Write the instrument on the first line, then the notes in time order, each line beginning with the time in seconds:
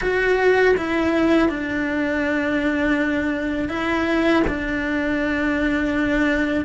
cello
0.01 F#4
0.77 E4
1.48 D4
3.68 E4
4.46 D4